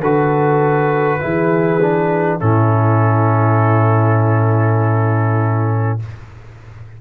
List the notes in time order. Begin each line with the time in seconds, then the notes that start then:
0.00 D3 F#4 A4 B4
1.19 E3 E4 G#4
1.81 D4
2.39 A2 C#4 E4 A4